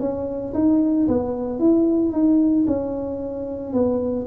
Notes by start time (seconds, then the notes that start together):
0.00 C#4
0.54 D#4
1.08 B3
1.59 E4
2.12 D#4
2.67 C#4
3.73 B3